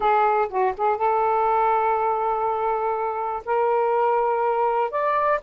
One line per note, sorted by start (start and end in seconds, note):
0.00 0.48 G#4
0.49 0.73 F#4
0.77 0.97 G#4
0.97 3.43 A4
3.45 4.90 A#4
4.90 5.40 D5